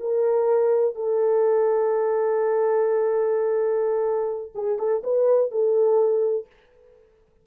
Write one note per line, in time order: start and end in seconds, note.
0.00 0.95 A#4
0.95 4.52 A4
4.55 4.78 G#4
4.78 5.02 A4
5.03 5.51 B4
5.51 6.46 A4